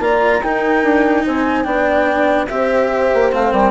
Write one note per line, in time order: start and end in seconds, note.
0.00 0.41 A#3
0.00 0.42 F4
0.00 0.44 D5
0.00 0.43 A#5
0.43 0.83 D#4
0.43 1.65 D#4
0.43 1.25 A#4
0.43 1.26 G5
0.83 1.25 D4
1.25 1.66 C4
1.25 1.66 C5
1.25 1.64 G#5
1.64 2.48 B3
1.64 2.48 D4
1.64 2.49 D5
1.64 2.47 G5
2.48 3.13 C4
2.48 3.33 G4
2.48 3.53 C5
2.48 3.31 E5
3.15 3.34 A#3
3.33 3.53 A3
3.33 3.72 C4
3.33 3.52 F5
3.52 3.72 G3
3.52 3.72 A#4
3.52 3.72 G5